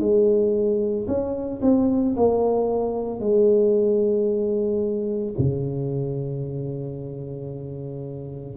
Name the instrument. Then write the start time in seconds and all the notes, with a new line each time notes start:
tuba
0.00 G#3
1.08 C#4
1.62 C4
2.17 A#3
3.20 G#3
5.39 C#3